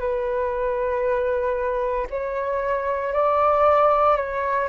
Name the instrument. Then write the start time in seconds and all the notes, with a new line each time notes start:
flute
0.00 B4
2.10 C#5
3.14 D5
4.17 C#5